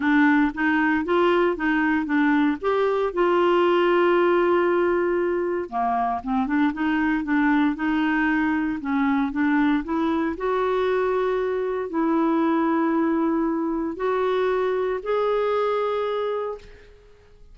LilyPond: \new Staff \with { instrumentName = "clarinet" } { \time 4/4 \tempo 4 = 116 d'4 dis'4 f'4 dis'4 | d'4 g'4 f'2~ | f'2. ais4 | c'8 d'8 dis'4 d'4 dis'4~ |
dis'4 cis'4 d'4 e'4 | fis'2. e'4~ | e'2. fis'4~ | fis'4 gis'2. | }